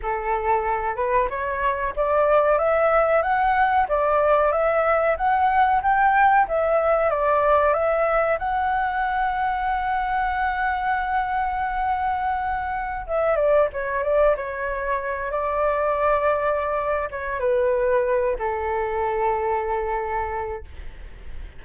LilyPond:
\new Staff \with { instrumentName = "flute" } { \time 4/4 \tempo 4 = 93 a'4. b'8 cis''4 d''4 | e''4 fis''4 d''4 e''4 | fis''4 g''4 e''4 d''4 | e''4 fis''2.~ |
fis''1~ | fis''16 e''8 d''8 cis''8 d''8 cis''4. d''16~ | d''2~ d''8 cis''8 b'4~ | b'8 a'2.~ a'8 | }